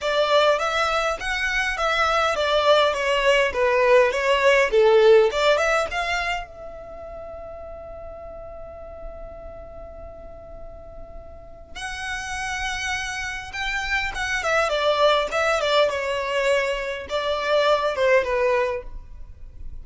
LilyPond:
\new Staff \with { instrumentName = "violin" } { \time 4/4 \tempo 4 = 102 d''4 e''4 fis''4 e''4 | d''4 cis''4 b'4 cis''4 | a'4 d''8 e''8 f''4 e''4~ | e''1~ |
e''1 | fis''2. g''4 | fis''8 e''8 d''4 e''8 d''8 cis''4~ | cis''4 d''4. c''8 b'4 | }